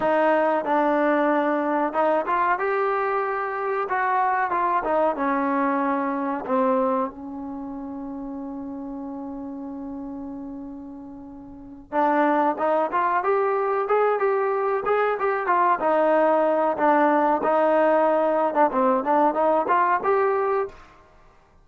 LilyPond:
\new Staff \with { instrumentName = "trombone" } { \time 4/4 \tempo 4 = 93 dis'4 d'2 dis'8 f'8 | g'2 fis'4 f'8 dis'8 | cis'2 c'4 cis'4~ | cis'1~ |
cis'2~ cis'8 d'4 dis'8 | f'8 g'4 gis'8 g'4 gis'8 g'8 | f'8 dis'4. d'4 dis'4~ | dis'8. d'16 c'8 d'8 dis'8 f'8 g'4 | }